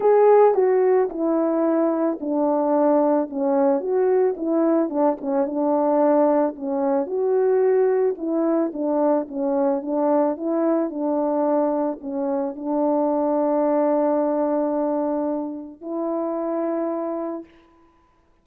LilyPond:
\new Staff \with { instrumentName = "horn" } { \time 4/4 \tempo 4 = 110 gis'4 fis'4 e'2 | d'2 cis'4 fis'4 | e'4 d'8 cis'8 d'2 | cis'4 fis'2 e'4 |
d'4 cis'4 d'4 e'4 | d'2 cis'4 d'4~ | d'1~ | d'4 e'2. | }